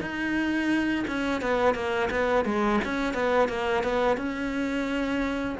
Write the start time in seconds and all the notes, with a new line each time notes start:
0.00 D#4
1.07 C#4
1.41 B3
1.74 A#3
2.10 B3
2.45 G#3
2.84 C#4
3.13 B3
3.48 A#3
3.83 B3
4.16 C#4